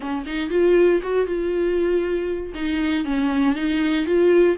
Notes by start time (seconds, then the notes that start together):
0.00 C#4
0.25 D#4
0.50 F4
1.02 F#4
1.26 F4
2.54 D#4
3.05 C#4
3.55 D#4
4.06 F4